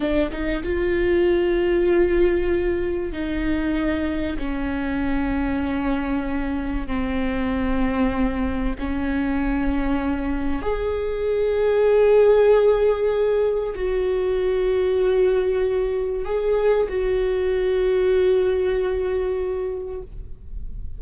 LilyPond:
\new Staff \with { instrumentName = "viola" } { \time 4/4 \tempo 4 = 96 d'8 dis'8 f'2.~ | f'4 dis'2 cis'4~ | cis'2. c'4~ | c'2 cis'2~ |
cis'4 gis'2.~ | gis'2 fis'2~ | fis'2 gis'4 fis'4~ | fis'1 | }